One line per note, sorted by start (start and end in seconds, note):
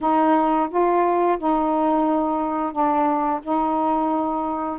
0.00 0.68 D#4
0.69 1.38 F4
1.38 2.72 D#4
2.72 3.40 D4
3.42 4.79 D#4